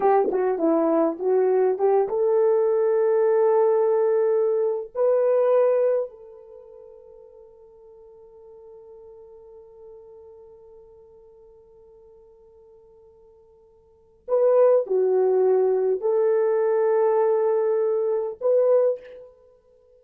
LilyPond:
\new Staff \with { instrumentName = "horn" } { \time 4/4 \tempo 4 = 101 g'8 fis'8 e'4 fis'4 g'8 a'8~ | a'1~ | a'16 b'2 a'4.~ a'16~ | a'1~ |
a'1~ | a'1 | b'4 fis'2 a'4~ | a'2. b'4 | }